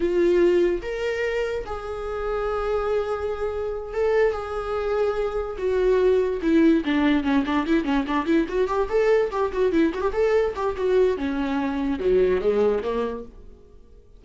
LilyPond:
\new Staff \with { instrumentName = "viola" } { \time 4/4 \tempo 4 = 145 f'2 ais'2 | gis'1~ | gis'4. a'4 gis'4.~ | gis'4. fis'2 e'8~ |
e'8 d'4 cis'8 d'8 e'8 cis'8 d'8 | e'8 fis'8 g'8 a'4 g'8 fis'8 e'8 | fis'16 g'16 a'4 g'8 fis'4 cis'4~ | cis'4 fis4 gis4 ais4 | }